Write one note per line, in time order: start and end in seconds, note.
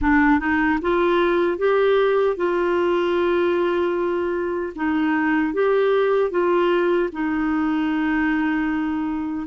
0.01 0.39 D4
0.39 0.79 D#4
0.81 1.58 F4
1.58 2.36 G4
2.36 4.73 F4
4.75 5.53 D#4
5.53 6.30 G4
6.30 7.09 F4
7.12 9.47 D#4